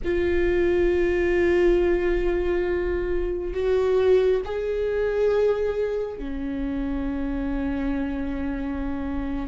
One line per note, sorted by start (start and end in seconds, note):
0.04 3.53 F4
3.53 4.41 F#4
4.44 6.18 G#4
6.18 9.47 C#4